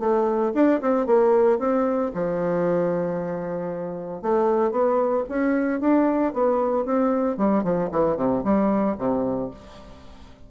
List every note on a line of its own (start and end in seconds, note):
0.00 0.53 A3
0.55 0.81 D4
0.81 1.06 C4
1.06 1.59 A#3
1.59 2.12 C4
2.14 4.22 F3
4.22 4.72 A3
4.72 5.24 B3
5.29 5.81 C#4
5.81 6.33 D4
6.33 6.86 B3
6.86 7.37 C4
7.37 7.64 G3
7.64 7.90 F3
7.92 8.17 E3
8.17 8.43 C3
8.44 8.97 G3
8.98 9.51 C3